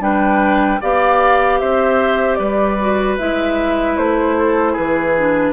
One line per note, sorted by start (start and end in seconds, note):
0.00 0.79 G3
0.00 0.79 D4
0.00 0.81 B4
0.00 0.81 G5
0.81 1.61 B3
0.81 2.79 G4
0.81 1.60 D5
0.81 1.60 F5
1.60 2.39 C4
1.60 2.38 C5
1.60 2.35 E5
2.35 3.18 G3
2.35 4.36 B4
2.35 3.14 D5
2.80 3.19 F#4
3.18 3.97 G#3
3.18 5.16 E4
3.18 3.97 E5
3.97 4.76 A3
3.97 4.76 C5
4.38 4.73 A4
4.73 5.53 E3
4.73 5.51 G#4
4.73 5.53 B4
5.17 5.53 D4